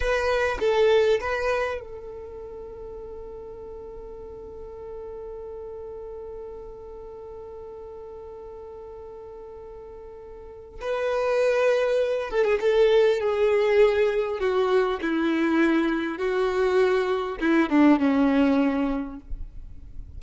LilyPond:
\new Staff \with { instrumentName = "violin" } { \time 4/4 \tempo 4 = 100 b'4 a'4 b'4 a'4~ | a'1~ | a'1~ | a'1~ |
a'2 b'2~ | b'8 a'16 gis'16 a'4 gis'2 | fis'4 e'2 fis'4~ | fis'4 e'8 d'8 cis'2 | }